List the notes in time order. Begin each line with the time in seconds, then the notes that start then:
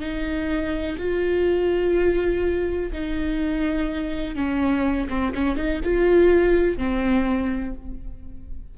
0.00 D#4
0.99 F4
2.92 D#4
4.36 C#4
5.09 C4
5.35 C#4
5.57 D#4
5.84 F4
6.78 C4